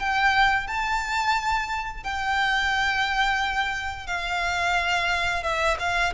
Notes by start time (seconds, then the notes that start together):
0.00 G5
0.67 A5
2.04 G5
4.07 F5
5.43 E5
5.80 F5